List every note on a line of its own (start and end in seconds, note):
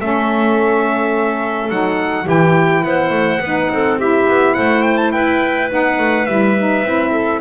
0.00 1.70 A3
0.00 1.71 C#4
0.00 2.25 A4
0.00 1.70 E5
1.70 2.27 F#3
1.70 2.25 D#4
1.70 2.27 F#5
2.25 2.84 E3
2.25 3.39 E4
2.25 2.82 G4
2.25 2.84 G5
2.84 3.11 B3
2.84 3.42 C5
2.84 3.98 F#5
3.11 3.39 A3
3.41 3.69 B3
3.41 3.99 D#4
3.41 3.71 B4
3.70 4.27 C4
3.70 4.00 A4
3.99 5.70 E4
3.99 4.55 G4
3.99 4.54 E5
4.28 4.57 B3
4.54 5.14 A3
4.54 5.13 C5
4.54 4.83 F#5
4.83 4.97 G5
4.97 5.11 A5
5.12 5.71 E4
5.12 7.11 B4
5.12 5.69 G5
5.70 5.99 B3
5.70 6.27 D#4
5.70 6.26 F#5
5.99 6.27 A3
6.26 6.84 G3
6.26 6.57 E4
6.26 7.41 E5
6.58 6.85 D#4
6.84 7.41 C4
6.84 7.42 E4
7.11 7.40 A4